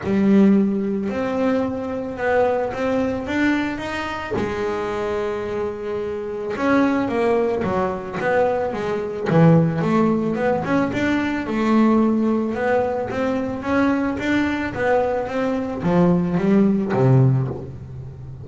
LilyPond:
\new Staff \with { instrumentName = "double bass" } { \time 4/4 \tempo 4 = 110 g2 c'2 | b4 c'4 d'4 dis'4 | gis1 | cis'4 ais4 fis4 b4 |
gis4 e4 a4 b8 cis'8 | d'4 a2 b4 | c'4 cis'4 d'4 b4 | c'4 f4 g4 c4 | }